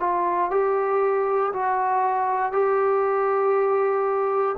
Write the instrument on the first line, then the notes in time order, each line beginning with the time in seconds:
trombone
0.00 F4
0.51 G4
1.53 F#4
2.52 G4